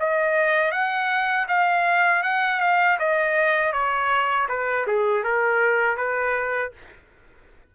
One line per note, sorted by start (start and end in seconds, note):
0.00 0.71 D#5
0.71 1.46 F#5
1.48 2.23 F5
2.23 2.60 F#5
2.60 2.98 F5
2.99 3.72 D#5
3.72 4.47 C#5
4.49 4.86 B4
4.87 5.24 G#4
5.24 5.97 A#4
5.97 6.72 B4